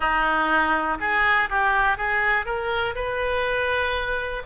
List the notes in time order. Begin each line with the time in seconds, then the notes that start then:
0.00 D#4
1.00 G#4
1.49 G4
1.97 G#4
2.45 A#4
2.95 B4